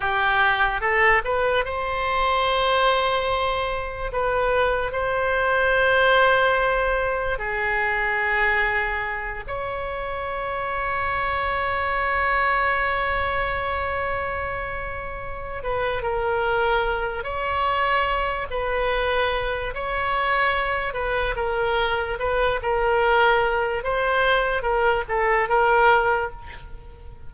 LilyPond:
\new Staff \with { instrumentName = "oboe" } { \time 4/4 \tempo 4 = 73 g'4 a'8 b'8 c''2~ | c''4 b'4 c''2~ | c''4 gis'2~ gis'8 cis''8~ | cis''1~ |
cis''2. b'8 ais'8~ | ais'4 cis''4. b'4. | cis''4. b'8 ais'4 b'8 ais'8~ | ais'4 c''4 ais'8 a'8 ais'4 | }